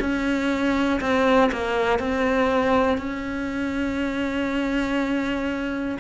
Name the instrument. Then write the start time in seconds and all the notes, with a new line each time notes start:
cello
0.00 C#4
1.00 C4
1.52 A#3
1.99 C4
2.98 C#4